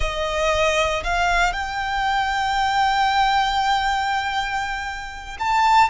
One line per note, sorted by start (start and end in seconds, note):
0.00 1.03 D#5
1.03 1.52 F5
1.52 5.37 G5
5.39 5.89 A5